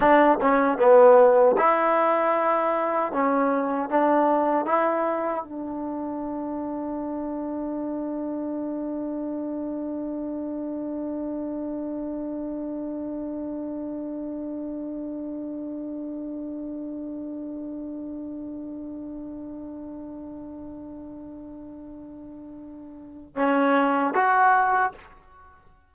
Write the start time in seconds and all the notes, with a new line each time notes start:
0.00 D4
0.40 C#4
0.78 B3
1.57 E4
3.12 C#4
3.90 D4
4.65 E4
5.43 D4
23.36 C#4
24.14 F#4